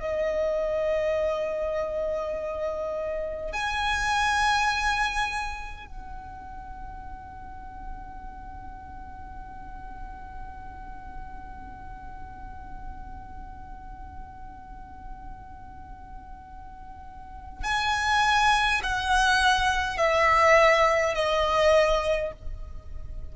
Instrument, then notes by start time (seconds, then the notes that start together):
violin
0.00 D#5
3.53 G#5
5.87 F#5
17.64 G#5
18.83 F#5
19.98 E5
21.15 D#5